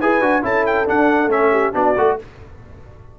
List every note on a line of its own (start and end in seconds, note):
0.00 0.21 E4
0.00 0.21 G#4
0.00 0.43 B4
0.00 0.43 G#5
0.21 0.43 D4
0.21 0.43 F#4
0.43 0.86 C#4
0.43 0.86 E4
0.43 1.51 A4
0.43 0.66 A5
0.66 0.87 G5
0.86 1.29 D4
0.86 1.27 D4
0.86 1.31 F#5
1.27 1.70 A3
1.27 1.72 C#4
1.27 1.74 E5
1.51 1.72 G4
1.72 1.96 B3
1.72 1.94 D4
1.72 2.15 F#4
1.72 2.18 D5
1.97 2.19 A3
1.97 2.19 F#4